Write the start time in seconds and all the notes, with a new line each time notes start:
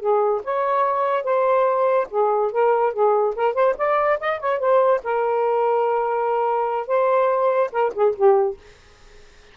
0.00 G#4
0.44 C#5
1.24 C5
2.10 G#4
2.52 A#4
2.93 G#4
3.35 A#4
3.54 C5
3.77 D5
4.20 D#5
4.40 C#5
4.59 C5
5.04 A#4
6.87 C5
7.72 A#4
7.95 G#4
8.15 G4